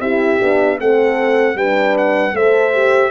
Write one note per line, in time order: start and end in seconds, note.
0.00 0.39 C4
0.00 0.40 E4
0.00 0.79 G4
0.00 0.78 E5
0.40 0.79 B3
0.40 0.78 D4
0.78 1.55 A3
0.78 1.56 C4
0.78 1.56 A4
0.78 1.57 F#5
1.55 2.33 G3
1.55 2.34 D4
1.55 2.34 B4
1.55 1.96 G5
1.97 2.36 F#5
2.33 3.10 A3
2.33 2.73 A4
2.33 3.10 C5
2.33 3.10 E5
2.73 3.10 G4